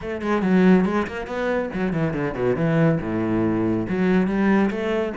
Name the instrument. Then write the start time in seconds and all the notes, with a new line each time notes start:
cello
0.01 A3
0.21 G#3
0.42 F#3
0.85 G#3
1.07 A#3
1.26 B3
1.73 F#3
1.92 E3
2.13 D3
2.34 B2
2.56 E3
3.00 A2
3.88 F#3
4.27 G3
4.70 A3